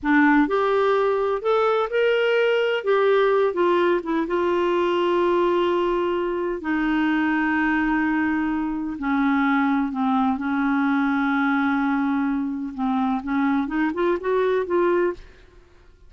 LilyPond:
\new Staff \with { instrumentName = "clarinet" } { \time 4/4 \tempo 4 = 127 d'4 g'2 a'4 | ais'2 g'4. f'8~ | f'8 e'8 f'2.~ | f'2 dis'2~ |
dis'2. cis'4~ | cis'4 c'4 cis'2~ | cis'2. c'4 | cis'4 dis'8 f'8 fis'4 f'4 | }